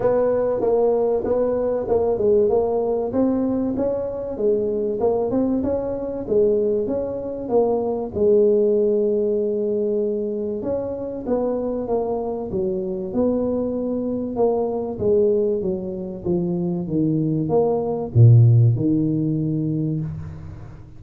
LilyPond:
\new Staff \with { instrumentName = "tuba" } { \time 4/4 \tempo 4 = 96 b4 ais4 b4 ais8 gis8 | ais4 c'4 cis'4 gis4 | ais8 c'8 cis'4 gis4 cis'4 | ais4 gis2.~ |
gis4 cis'4 b4 ais4 | fis4 b2 ais4 | gis4 fis4 f4 dis4 | ais4 ais,4 dis2 | }